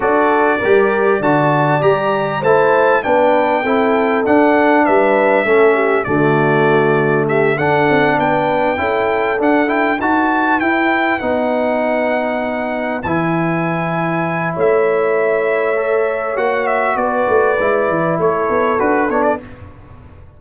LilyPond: <<
  \new Staff \with { instrumentName = "trumpet" } { \time 4/4 \tempo 4 = 99 d''2 a''4 ais''4 | a''4 g''2 fis''4 | e''2 d''2 | e''8 fis''4 g''2 fis''8 |
g''8 a''4 g''4 fis''4.~ | fis''4. gis''2~ gis''8 | e''2. fis''8 e''8 | d''2 cis''4 b'8 cis''16 d''16 | }
  \new Staff \with { instrumentName = "horn" } { \time 4/4 a'4 ais'4 d''2 | c''4 b'4 a'2 | b'4 a'8 g'8 fis'2 | g'8 a'4 b'4 a'4.~ |
a'8 b'2.~ b'8~ | b'1 | cis''1 | b'2 a'2 | }
  \new Staff \with { instrumentName = "trombone" } { \time 4/4 fis'4 g'4 fis'4 g'4 | e'4 d'4 e'4 d'4~ | d'4 cis'4 a2~ | a8 d'2 e'4 d'8 |
e'8 fis'4 e'4 dis'4.~ | dis'4. e'2~ e'8~ | e'2 a'4 fis'4~ | fis'4 e'2 fis'8 d'8 | }
  \new Staff \with { instrumentName = "tuba" } { \time 4/4 d'4 g4 d4 g4 | a4 b4 c'4 d'4 | g4 a4 d2~ | d8 d'8 c'8 b4 cis'4 d'8~ |
d'8 dis'4 e'4 b4.~ | b4. e2~ e8 | a2. ais4 | b8 a8 gis8 e8 a8 b8 d'8 b8 | }
>>